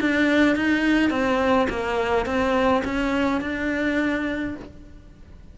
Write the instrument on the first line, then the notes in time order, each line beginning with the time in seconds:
cello
0.00 D4
0.56 D#4
1.10 C4
1.69 A#3
2.25 C4
2.84 C#4
3.41 D4